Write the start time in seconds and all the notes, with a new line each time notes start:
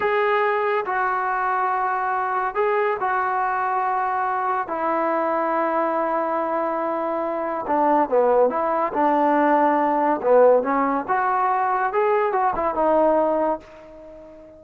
0.00 G#4
0.85 F#4
2.54 G#4
3.00 F#4
4.67 E4
7.66 D4
8.09 B3
8.49 E4
8.93 D4
10.21 B3
10.62 C#4
11.08 F#4
11.93 G#4
12.32 F#4
12.55 E4
12.74 D#4